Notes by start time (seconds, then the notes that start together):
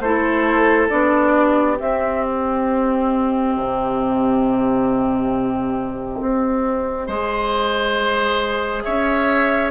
0.00 A3 E4 A4 C5
0.89 B3 D4 D5
1.34 G4
1.79 C4 E5
2.24 D#5
3.56 C3
6.21 C4
7.07 G#3 G#4 C5
8.83 C#4 C#5 E5